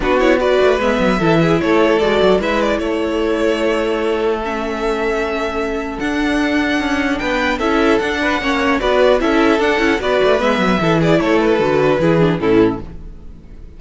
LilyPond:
<<
  \new Staff \with { instrumentName = "violin" } { \time 4/4 \tempo 4 = 150 b'8 cis''8 d''4 e''2 | cis''4 d''4 e''8 d''8 cis''4~ | cis''2. e''4~ | e''2. fis''4~ |
fis''2 g''4 e''4 | fis''2 d''4 e''4 | fis''4 d''4 e''4. d''8 | cis''8 b'2~ b'8 a'4 | }
  \new Staff \with { instrumentName = "violin" } { \time 4/4 fis'4 b'2 a'8 gis'8 | a'2 b'4 a'4~ | a'1~ | a'1~ |
a'2 b'4 a'4~ | a'8 b'8 cis''4 b'4 a'4~ | a'4 b'2 a'8 gis'8 | a'2 gis'4 e'4 | }
  \new Staff \with { instrumentName = "viola" } { \time 4/4 d'8 e'8 fis'4 b4 e'4~ | e'4 fis'4 e'2~ | e'2. cis'4~ | cis'2. d'4~ |
d'2. e'4 | d'4 cis'4 fis'4 e'4 | d'8 e'8 fis'4 b4 e'4~ | e'4 fis'4 e'8 d'8 cis'4 | }
  \new Staff \with { instrumentName = "cello" } { \time 4/4 b4. a8 gis8 fis8 e4 | a4 gis8 fis8 gis4 a4~ | a1~ | a2. d'4~ |
d'4 cis'4 b4 cis'4 | d'4 ais4 b4 cis'4 | d'8 cis'8 b8 a8 gis8 fis8 e4 | a4 d4 e4 a,4 | }
>>